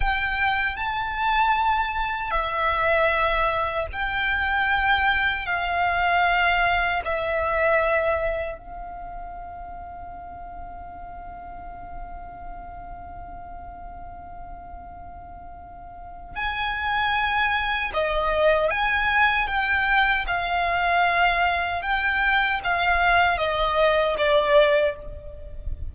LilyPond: \new Staff \with { instrumentName = "violin" } { \time 4/4 \tempo 4 = 77 g''4 a''2 e''4~ | e''4 g''2 f''4~ | f''4 e''2 f''4~ | f''1~ |
f''1~ | f''4 gis''2 dis''4 | gis''4 g''4 f''2 | g''4 f''4 dis''4 d''4 | }